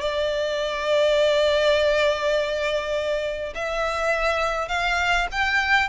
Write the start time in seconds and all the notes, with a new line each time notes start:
0.00 D5
3.54 E5
4.68 F5
5.31 G5